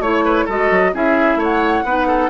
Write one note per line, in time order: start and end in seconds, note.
0.00 0.46 A3
0.00 0.49 E4
0.00 0.25 C#5
0.00 0.48 C#5
0.25 0.46 B4
0.46 0.71 G#3
0.46 0.94 F#4
0.46 0.91 A4
0.46 0.95 D#5
0.71 0.94 F#3
0.94 1.36 C#4
0.94 1.85 E4
0.94 1.39 G#4
0.94 1.42 E5
1.36 1.82 A3
1.36 1.85 C#5
1.43 2.30 F#5
1.85 2.30 B3
1.85 2.30 D#4
1.85 2.08 B4
2.08 2.30 A4